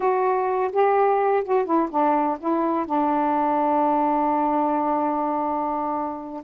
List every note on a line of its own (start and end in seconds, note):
0.00 0.71 F#4
0.72 1.43 G4
1.44 1.65 F#4
1.65 1.89 E4
1.90 2.38 D4
2.39 2.86 E4
2.86 6.43 D4